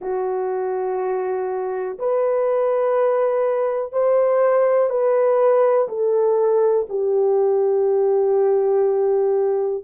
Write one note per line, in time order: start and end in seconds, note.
0.01 1.98 F#4
1.99 3.92 B4
3.92 4.89 C5
4.89 5.87 B4
5.88 6.86 A4
6.89 9.84 G4